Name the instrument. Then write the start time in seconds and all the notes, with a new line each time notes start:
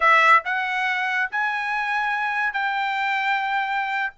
trumpet
0.00 E5
0.44 F#5
1.31 G#5
2.53 G5